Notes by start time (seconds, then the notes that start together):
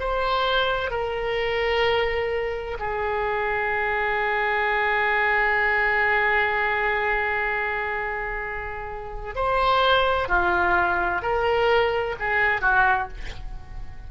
0.00 C5
0.91 A#4
2.80 G#4
9.35 C5
10.29 F4
11.22 A#4
12.20 G#4
12.62 F#4